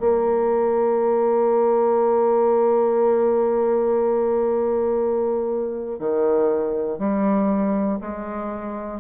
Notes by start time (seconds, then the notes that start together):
0.00 A#3
6.00 D#3
6.99 G3
8.01 G#3